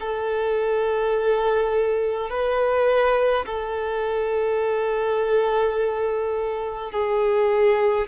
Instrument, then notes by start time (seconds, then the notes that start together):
violin
0.00 A4
2.30 B4
3.46 A4
6.92 G#4